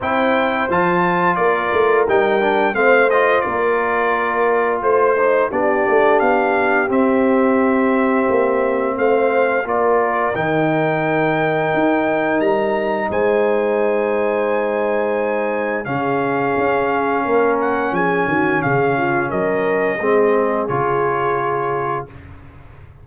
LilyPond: <<
  \new Staff \with { instrumentName = "trumpet" } { \time 4/4 \tempo 4 = 87 g''4 a''4 d''4 g''4 | f''8 dis''8 d''2 c''4 | d''4 f''4 e''2~ | e''4 f''4 d''4 g''4~ |
g''2 ais''4 gis''4~ | gis''2. f''4~ | f''4. fis''8 gis''4 f''4 | dis''2 cis''2 | }
  \new Staff \with { instrumentName = "horn" } { \time 4/4 c''2 ais'2 | c''4 ais'2 c''4 | g'1~ | g'4 c''4 ais'2~ |
ais'2. c''4~ | c''2. gis'4~ | gis'4 ais'4 gis'8 fis'8 gis'8 f'8 | ais'4 gis'2. | }
  \new Staff \with { instrumentName = "trombone" } { \time 4/4 e'4 f'2 dis'8 d'8 | c'8 f'2. dis'8 | d'2 c'2~ | c'2 f'4 dis'4~ |
dis'1~ | dis'2. cis'4~ | cis'1~ | cis'4 c'4 f'2 | }
  \new Staff \with { instrumentName = "tuba" } { \time 4/4 c'4 f4 ais8 a8 g4 | a4 ais2 a4 | b8 a8 b4 c'2 | ais4 a4 ais4 dis4~ |
dis4 dis'4 g4 gis4~ | gis2. cis4 | cis'4 ais4 f8 dis8 cis4 | fis4 gis4 cis2 | }
>>